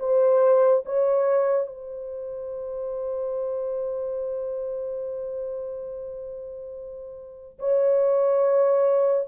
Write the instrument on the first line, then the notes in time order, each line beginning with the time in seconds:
horn
0.00 C5
0.86 C#5
1.67 C5
7.59 C#5